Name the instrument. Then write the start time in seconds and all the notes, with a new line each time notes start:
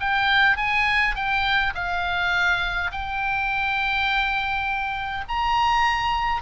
oboe
0.00 G5
0.57 G#5
1.15 G5
1.75 F5
2.92 G5
5.28 A#5